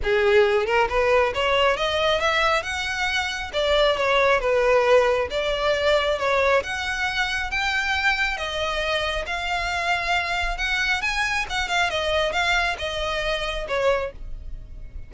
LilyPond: \new Staff \with { instrumentName = "violin" } { \time 4/4 \tempo 4 = 136 gis'4. ais'8 b'4 cis''4 | dis''4 e''4 fis''2 | d''4 cis''4 b'2 | d''2 cis''4 fis''4~ |
fis''4 g''2 dis''4~ | dis''4 f''2. | fis''4 gis''4 fis''8 f''8 dis''4 | f''4 dis''2 cis''4 | }